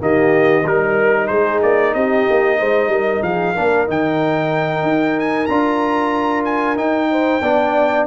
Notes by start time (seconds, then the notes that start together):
0.00 D#3 A#3 G4 D#5
0.65 G3 D#4 A#4
1.28 G#3 G#4 C5
1.63 A#3 D5
1.94 C4 G4 D#5
2.30 A#3
2.59 G#3 C5
2.89 G3 A#4
3.23 F3 G#4 F5
3.55 A#3 D4 A#4
3.87 D#3 D#4 G5
4.83 D#4
5.20 G#5
5.46 D4 F4 A#5
6.45 G#5
6.76 D#4 G5
7.11 C5
7.42 B3 D4 D5